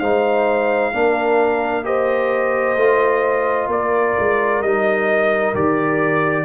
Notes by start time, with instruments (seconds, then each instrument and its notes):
0.00 tuba G#3, trombone D#4, horn C5, trumpet F5
0.93 tuba A#3, trombone D4, horn A#4
1.84 trombone G4, horn C5, trumpet D#5
2.76 tuba A3, trombone F4
3.68 tuba A#3, horn A#4, trumpet D5
4.19 tuba G#3
4.62 tuba G3, trombone D#4, trumpet D#5
5.55 tuba D#3, trombone G4, trumpet D5